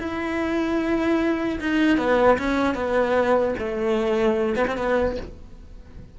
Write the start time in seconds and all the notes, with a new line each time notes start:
0.00 E4
1.61 D#4
1.98 B3
2.39 C#4
2.75 B3
3.59 A3
4.56 B3
4.67 C4
4.77 B3